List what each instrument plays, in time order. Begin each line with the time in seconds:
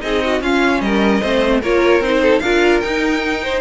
0.00 cello C4, viola D#4, violin G#4 D#5
0.25 violin F#4
0.41 cello C#4, viola C#4, violin F4 F5
0.81 cello G3, violin A#4 D#5
1.22 cello A3, viola C4, violin C5
1.61 cello A#3, viola F4, violin A#4 C#5
2.00 cello C4, viola D#4, violin C5
2.22 violin A4
2.40 cello D4, viola F4, violin A#4 F5
2.80 viola D#4, cello D#4, violin G5
3.43 violin C5